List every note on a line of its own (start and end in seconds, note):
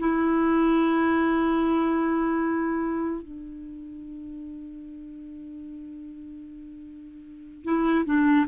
0.00 3.22 E4
3.22 7.65 D4
7.65 8.05 E4
8.06 8.47 D4